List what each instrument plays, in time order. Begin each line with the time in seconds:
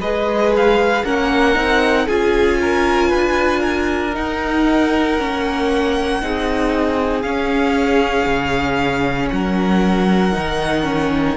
0.00 cello G#3, viola G#4, violin B4 D#5
0.56 violin F5
1.04 cello A#3, viola C#4, violin A#4 F#5
1.55 cello C4, viola D#4
2.06 cello C#4, viola F4, violin G#4 G#5
2.61 violin A#4
3.08 cello D4, violin B4
3.60 violin A#4
4.13 viola D#4, cello D#4, violin F#5
5.19 cello A#3, viola C#4
6.22 cello C4, viola D#4, violin G#4
7.21 viola C#4, cello C#4, violin F5
8.26 cello C#3
9.30 cello F#3, violin A#4 F#5
10.32 cello D#3, viola D#4
10.83 viola C#4